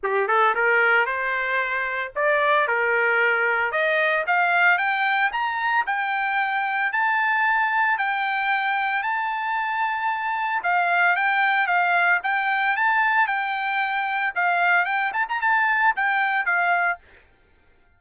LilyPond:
\new Staff \with { instrumentName = "trumpet" } { \time 4/4 \tempo 4 = 113 g'8 a'8 ais'4 c''2 | d''4 ais'2 dis''4 | f''4 g''4 ais''4 g''4~ | g''4 a''2 g''4~ |
g''4 a''2. | f''4 g''4 f''4 g''4 | a''4 g''2 f''4 | g''8 a''16 ais''16 a''4 g''4 f''4 | }